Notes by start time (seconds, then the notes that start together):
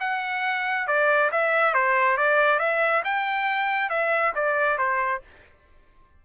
0.00 F#5
0.87 D5
1.32 E5
1.74 C5
2.17 D5
2.59 E5
3.04 G5
3.90 E5
4.35 D5
4.78 C5